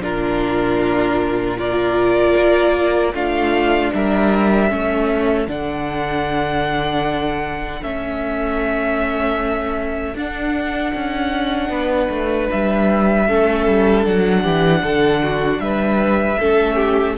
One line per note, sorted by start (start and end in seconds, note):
0.00 2.34 A#2
0.00 1.58 D4
0.00 1.58 F4
0.00 1.59 A#4
1.58 3.13 F4
1.58 3.14 A#4
1.58 3.15 D5
2.37 3.14 A#3
3.14 3.92 A3
3.14 4.69 D4
3.14 3.93 F4
3.14 3.93 F5
3.94 4.72 G3
3.94 4.69 A#4
3.94 5.50 E5
4.69 5.48 A3
4.69 5.47 C#4
4.69 11.70 A4
5.48 7.82 D3
5.48 7.82 D4
5.48 7.84 F#5
7.82 10.15 A3
7.82 10.16 C#4
7.82 10.17 E5
10.15 10.93 D4
10.15 13.28 D4
10.15 12.51 F#5
10.95 11.70 C#4
11.70 12.09 B3
11.70 13.28 B4
12.10 12.49 A3
12.51 13.29 G3
12.51 14.07 E5
13.28 13.68 A3
13.28 14.04 C#4
13.28 14.42 A4
13.68 14.06 G3
14.04 14.45 F#3
14.04 16.38 D4
14.04 15.60 F#5
14.42 14.84 E3
14.42 14.81 G4
14.83 15.59 D3
14.83 15.22 A4
15.24 15.62 F#4
15.59 16.37 G3
15.59 16.39 B4
15.59 17.16 E5
16.39 17.18 A3
16.39 17.18 C#4
16.39 16.76 A4
16.76 17.15 G4